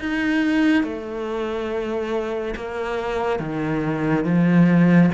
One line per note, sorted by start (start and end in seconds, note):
0.00 0.83 D#4
0.83 2.55 A3
2.56 3.40 A#3
3.40 4.25 D#3
4.25 5.10 F3